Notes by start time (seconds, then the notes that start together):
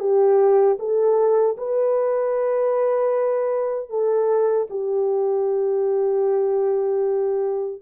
0.00 G4
0.80 A4
1.58 B4
3.90 A4
4.71 G4